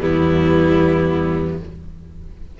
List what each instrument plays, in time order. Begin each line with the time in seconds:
0.00 cello E2, viola G3, violin B3 E4